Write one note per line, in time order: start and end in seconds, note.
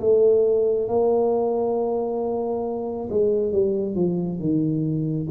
0.00 0.88 A3
0.88 3.08 A#3
3.10 3.52 G#3
3.52 3.95 G3
3.95 4.39 F3
4.39 5.27 D#3